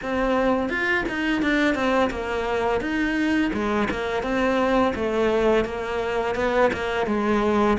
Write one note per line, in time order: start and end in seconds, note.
0.02 0.69 C4
0.69 1.04 F4
1.08 1.41 D#4
1.41 1.75 D4
1.75 2.10 C4
2.10 2.80 A#3
2.80 3.51 D#4
3.53 3.88 G#3
3.90 4.22 A#3
4.22 4.93 C4
4.95 5.65 A3
5.65 6.35 A#3
6.35 6.70 B3
6.73 7.06 A#3
7.06 7.77 G#3